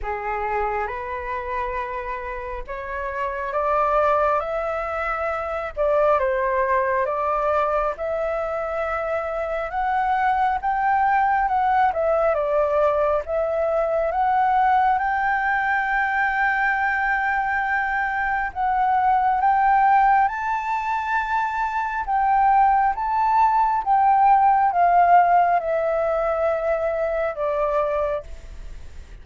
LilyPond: \new Staff \with { instrumentName = "flute" } { \time 4/4 \tempo 4 = 68 gis'4 b'2 cis''4 | d''4 e''4. d''8 c''4 | d''4 e''2 fis''4 | g''4 fis''8 e''8 d''4 e''4 |
fis''4 g''2.~ | g''4 fis''4 g''4 a''4~ | a''4 g''4 a''4 g''4 | f''4 e''2 d''4 | }